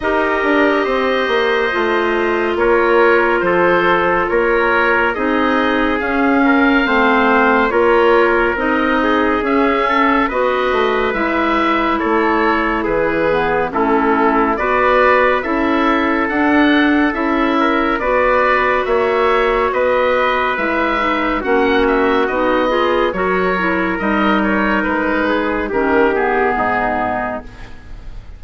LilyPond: <<
  \new Staff \with { instrumentName = "oboe" } { \time 4/4 \tempo 4 = 70 dis''2. cis''4 | c''4 cis''4 dis''4 f''4~ | f''4 cis''4 dis''4 e''4 | dis''4 e''4 cis''4 b'4 |
a'4 d''4 e''4 fis''4 | e''4 d''4 e''4 dis''4 | e''4 fis''8 e''8 dis''4 cis''4 | dis''8 cis''8 b'4 ais'8 gis'4. | }
  \new Staff \with { instrumentName = "trumpet" } { \time 4/4 ais'4 c''2 ais'4 | a'4 ais'4 gis'4. ais'8 | c''4 ais'4. gis'4 a'8 | b'2 a'4 gis'4 |
e'4 b'4 a'2~ | a'8 ais'8 b'4 cis''4 b'4~ | b'4 fis'4. gis'8 ais'4~ | ais'4. gis'8 g'4 dis'4 | }
  \new Staff \with { instrumentName = "clarinet" } { \time 4/4 g'2 f'2~ | f'2 dis'4 cis'4 | c'4 f'4 dis'4 cis'4 | fis'4 e'2~ e'8 b8 |
cis'4 fis'4 e'4 d'4 | e'4 fis'2. | e'8 dis'8 cis'4 dis'8 f'8 fis'8 e'8 | dis'2 cis'8 b4. | }
  \new Staff \with { instrumentName = "bassoon" } { \time 4/4 dis'8 d'8 c'8 ais8 a4 ais4 | f4 ais4 c'4 cis'4 | a4 ais4 c'4 cis'4 | b8 a8 gis4 a4 e4 |
a4 b4 cis'4 d'4 | cis'4 b4 ais4 b4 | gis4 ais4 b4 fis4 | g4 gis4 dis4 gis,4 | }
>>